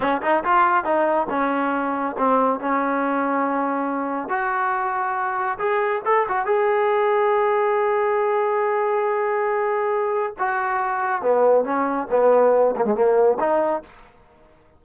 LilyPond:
\new Staff \with { instrumentName = "trombone" } { \time 4/4 \tempo 4 = 139 cis'8 dis'8 f'4 dis'4 cis'4~ | cis'4 c'4 cis'2~ | cis'2 fis'2~ | fis'4 gis'4 a'8 fis'8 gis'4~ |
gis'1~ | gis'1 | fis'2 b4 cis'4 | b4. ais16 gis16 ais4 dis'4 | }